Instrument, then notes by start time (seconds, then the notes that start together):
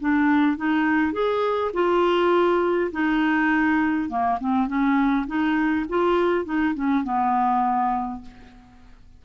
clarinet
0.00 D4
0.57 D#4
1.12 G#4
1.73 F4
2.92 D#4
4.09 A#3
4.40 C4
4.67 C#4
5.27 D#4
5.89 F4
6.45 D#4
6.74 C#4
7.04 B3